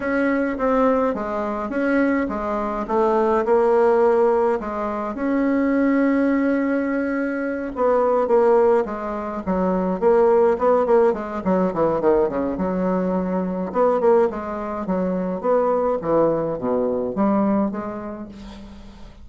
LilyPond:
\new Staff \with { instrumentName = "bassoon" } { \time 4/4 \tempo 4 = 105 cis'4 c'4 gis4 cis'4 | gis4 a4 ais2 | gis4 cis'2.~ | cis'4. b4 ais4 gis8~ |
gis8 fis4 ais4 b8 ais8 gis8 | fis8 e8 dis8 cis8 fis2 | b8 ais8 gis4 fis4 b4 | e4 b,4 g4 gis4 | }